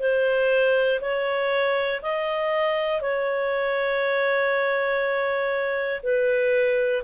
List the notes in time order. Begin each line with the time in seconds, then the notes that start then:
0.00 C5
1.01 C#5
2.02 D#5
3.01 C#5
6.03 B4